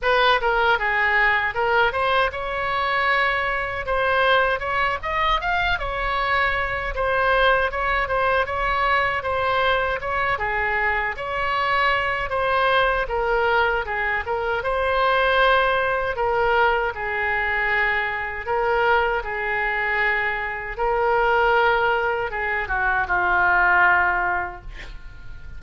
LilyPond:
\new Staff \with { instrumentName = "oboe" } { \time 4/4 \tempo 4 = 78 b'8 ais'8 gis'4 ais'8 c''8 cis''4~ | cis''4 c''4 cis''8 dis''8 f''8 cis''8~ | cis''4 c''4 cis''8 c''8 cis''4 | c''4 cis''8 gis'4 cis''4. |
c''4 ais'4 gis'8 ais'8 c''4~ | c''4 ais'4 gis'2 | ais'4 gis'2 ais'4~ | ais'4 gis'8 fis'8 f'2 | }